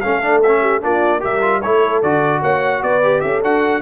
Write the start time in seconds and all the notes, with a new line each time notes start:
0.00 A3 C#4 A4 F5
0.22 D4
0.42 C#4 E5
0.60 G4
0.81 A#3 D4 F4 D5
1.20 G3 G4 A#4 E5
1.41 F4
1.61 A3 E4 A4 C#5
2.02 D3 F#4 D5
2.41 A#3 C#5 F#5
2.82 B3 B4 D5
3.02 G4
3.21 C#4 A4 E5
3.42 D4 F#4 F#5